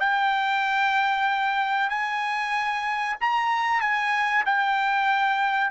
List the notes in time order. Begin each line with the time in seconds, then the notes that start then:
0.00 G5
1.89 G#5
3.21 A#5
3.81 G#5
4.45 G5